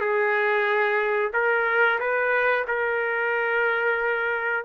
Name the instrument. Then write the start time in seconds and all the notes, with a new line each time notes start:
trumpet
0.00 G#4
1.33 A#4
1.99 B4
2.67 A#4